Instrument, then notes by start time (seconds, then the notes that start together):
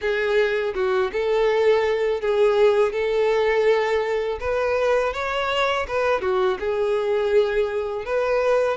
violin
0.01 G#4
0.75 F#4
1.12 A4
2.21 G#4
2.92 A4
4.40 B4
5.13 C#5
5.87 B4
6.21 F#4
6.59 G#4
8.05 B4